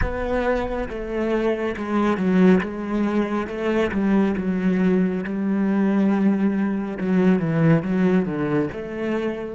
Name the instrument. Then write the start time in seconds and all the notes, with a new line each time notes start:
cello
0.01 B3
0.89 A3
1.77 G#3
2.17 F#3
2.60 G#3
3.47 A3
3.91 G3
4.37 F#3
5.24 G3
6.97 F#3
7.39 E3
7.82 F#3
8.25 D3
8.72 A3